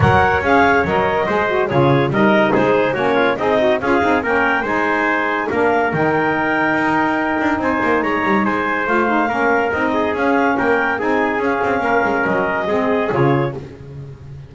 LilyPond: <<
  \new Staff \with { instrumentName = "clarinet" } { \time 4/4 \tempo 4 = 142 fis''4 f''4 dis''2 | cis''4 dis''4 c''4 cis''4 | dis''4 f''4 g''4 gis''4~ | gis''4 f''4 g''2~ |
g''2 gis''4 ais''4 | gis''4 f''2 dis''4 | f''4 g''4 gis''4 f''4~ | f''4 dis''2 cis''4 | }
  \new Staff \with { instrumentName = "trumpet" } { \time 4/4 cis''2. c''4 | gis'4 ais'4 gis'4 fis'8 f'8 | dis'4 gis'4 ais'4 c''4~ | c''4 ais'2.~ |
ais'2 c''4 cis''4 | c''2 ais'4. gis'8~ | gis'4 ais'4 gis'2 | ais'2 gis'2 | }
  \new Staff \with { instrumentName = "saxophone" } { \time 4/4 ais'4 gis'4 ais'4 gis'8 fis'8 | f'4 dis'2 cis'4 | gis'8 fis'8 f'8 dis'8 cis'4 dis'4~ | dis'4 d'4 dis'2~ |
dis'1~ | dis'4 f'8 dis'8 cis'4 dis'4 | cis'2 dis'4 cis'4~ | cis'2 c'4 f'4 | }
  \new Staff \with { instrumentName = "double bass" } { \time 4/4 fis4 cis'4 fis4 gis4 | cis4 g4 gis4 ais4 | c'4 cis'8 c'8 ais4 gis4~ | gis4 ais4 dis2 |
dis'4. d'8 c'8 ais8 gis8 g8 | gis4 a4 ais4 c'4 | cis'4 ais4 c'4 cis'8 c'8 | ais8 gis8 fis4 gis4 cis4 | }
>>